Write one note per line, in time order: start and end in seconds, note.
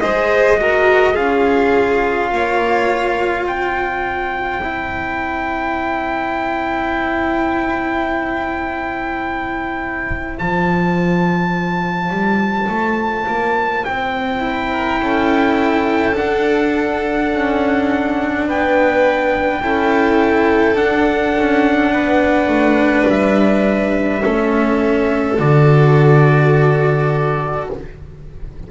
0.00 1.16 G#3
0.00 0.56 G#4
0.00 0.59 C5
0.00 1.15 D#5
0.56 1.14 F#4
0.56 1.13 A#4
1.13 2.31 C#4
1.13 4.60 F4
1.13 2.29 G#4
1.13 3.46 F5
2.31 3.44 A#3
2.31 3.47 C#5
3.44 10.36 C4
3.44 14.72 C5
3.44 10.38 G5
4.63 10.38 E4
10.38 12.10 F3
10.38 14.39 F4
10.38 13.84 A5
12.10 12.68 G3
12.69 13.26 A3
13.27 13.84 A#3
13.84 15.00 C4
13.84 16.15 G5
14.39 16.12 E4
14.72 15.00 A#4
15.00 16.16 C#4
15.00 18.47 A4
16.14 19.60 D4
16.14 17.34 D4
16.14 18.48 F#5
17.34 18.47 C#4
18.47 19.61 B3
18.47 19.61 B4
18.47 20.76 G5
19.61 20.75 C#4
19.61 20.75 E4
19.61 21.92 A4
20.75 24.21 D4
20.75 21.33 D4
20.75 23.07 F#5
21.37 21.93 C#4
21.92 22.47 B3
21.92 24.22 B4
22.47 23.05 A3
23.07 24.23 G3
23.07 25.39 E5
24.21 25.39 A3
24.21 25.37 C#4
24.21 27.71 A4
25.38 27.69 D3
25.38 27.69 F#4
25.38 27.70 D5